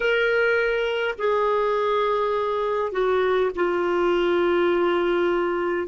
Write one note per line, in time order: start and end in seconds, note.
0.00 1.15 A#4
1.18 2.91 G#4
2.91 3.50 F#4
3.56 5.88 F4